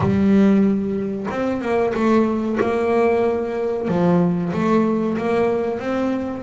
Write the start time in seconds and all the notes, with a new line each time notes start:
0.00 G3
1.30 C4
1.61 A#3
1.94 A3
2.60 A#3
3.87 F3
4.52 A3
5.17 A#3
5.79 C4